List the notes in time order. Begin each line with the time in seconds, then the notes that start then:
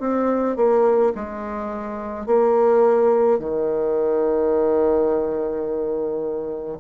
0.00 C4
0.57 A#3
1.15 G#3
2.27 A#3
3.40 D#3